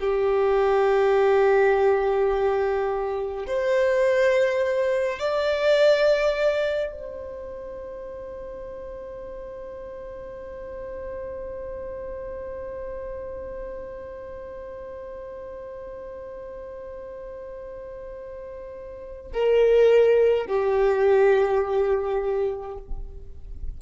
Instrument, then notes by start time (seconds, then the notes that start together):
violin
0.00 G4
3.47 C5
5.19 D5
6.92 C5
19.33 A#4
20.47 G4